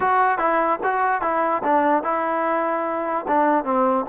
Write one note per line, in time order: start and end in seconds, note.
0.00 0.38 F#4
0.38 0.79 E4
0.83 1.21 F#4
1.21 1.62 E4
1.63 2.03 D4
2.03 3.25 E4
3.27 3.64 D4
3.64 4.05 C4